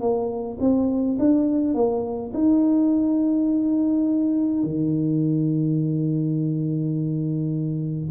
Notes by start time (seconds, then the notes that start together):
0.00 A#3
0.60 C4
1.19 D4
1.75 A#3
2.34 D#4
4.64 D#3